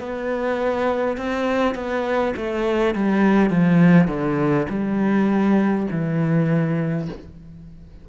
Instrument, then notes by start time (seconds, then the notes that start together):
cello
0.00 B3
1.17 C4
1.75 B3
2.37 A3
2.95 G3
3.50 F3
4.08 D3
4.70 G3
5.91 E3